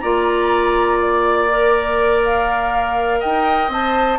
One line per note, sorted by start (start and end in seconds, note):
0.00 3.23 A#3
0.00 1.50 F4
0.00 3.20 D5
0.00 0.98 A#5
1.00 2.23 D5
1.50 3.71 A#4
2.24 3.21 F5
3.20 3.69 D#4
3.20 4.18 D#5
3.20 3.70 G5
3.69 4.18 C4
3.69 4.19 C5
3.69 4.19 A5